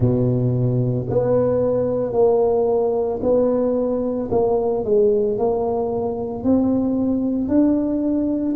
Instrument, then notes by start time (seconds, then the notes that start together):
tuba
0.00 B2
1.10 B3
2.12 A#3
3.22 B3
4.31 A#3
4.84 G#3
5.38 A#3
6.43 C4
7.48 D4